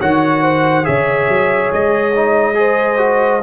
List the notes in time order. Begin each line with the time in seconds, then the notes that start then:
0.00 D#3 F#4 C#5 F#5
0.43 C5
0.84 C#3 G#4 C#5 E5
1.28 F#3
1.72 G#3 D#5
2.16 D#4
2.55 G#4 C5
2.97 F#4